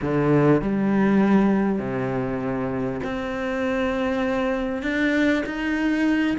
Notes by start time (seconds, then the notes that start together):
0.01 D3
0.61 G3
1.79 C3
3.03 C4
4.82 D4
5.46 D#4